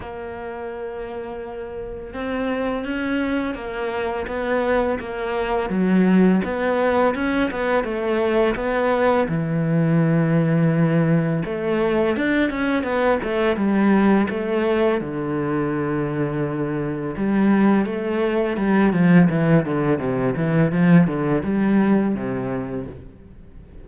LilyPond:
\new Staff \with { instrumentName = "cello" } { \time 4/4 \tempo 4 = 84 ais2. c'4 | cis'4 ais4 b4 ais4 | fis4 b4 cis'8 b8 a4 | b4 e2. |
a4 d'8 cis'8 b8 a8 g4 | a4 d2. | g4 a4 g8 f8 e8 d8 | c8 e8 f8 d8 g4 c4 | }